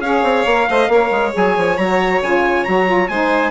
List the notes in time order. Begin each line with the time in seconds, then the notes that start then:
0.00 C#4 G#4 C#5 F5
0.23 C4
0.45 A#3 A#4
0.69 A3 C5 D#5
0.88 A#3 A#4 C#5
1.10 G#3
1.32 F#3 G#4 G#5
1.57 F3
1.77 F#3 F#4 A#5
2.21 C#3 F4 G#5
2.64 F#3 F#4 A#5
2.86 F4
3.07 G#3 D#4 C5 G#5